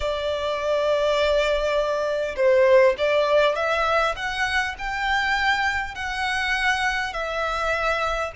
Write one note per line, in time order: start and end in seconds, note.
0.00 2.35 D5
2.36 2.95 C5
2.98 3.55 D5
3.55 4.15 E5
4.16 4.75 F#5
4.78 5.95 G5
5.95 7.13 F#5
7.13 8.32 E5